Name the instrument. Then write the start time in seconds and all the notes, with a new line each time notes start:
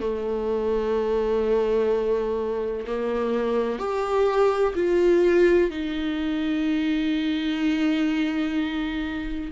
viola
0.00 A3
2.87 A#3
3.79 G4
4.75 F4
5.70 D#4